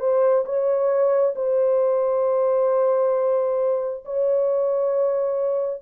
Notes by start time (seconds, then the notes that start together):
0.00 C5
0.46 C#5
1.36 C5
4.05 C#5